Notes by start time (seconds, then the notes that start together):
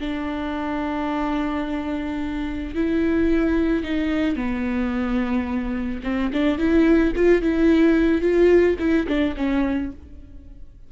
0.00 D4
2.75 E4
3.84 D#4
4.36 B3
6.04 C4
6.33 D4
6.58 E4
7.16 F4
7.42 E4
8.22 F4
8.79 E4
9.08 D4
9.37 C#4